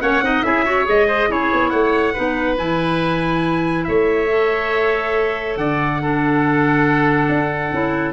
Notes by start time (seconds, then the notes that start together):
0.00 A#3 C#4 C#5 F#5
0.21 C4 D#4 D#5
0.43 C#4 E4 G#4 E5
0.64 F#4 C#5
0.85 G#3 G#4 D#5
1.07 C5
1.28 C#4 E4 G#4 C#5
1.53 B3
1.70 A3 C#5 F#5
2.13 B3 D#4 B4
2.56 E3 E4 G#5
3.84 A3 C#5 E5
4.28 A4
5.56 D3 D5 F#5
6.02 D4 A4
7.29 D4
7.72 C#4 E4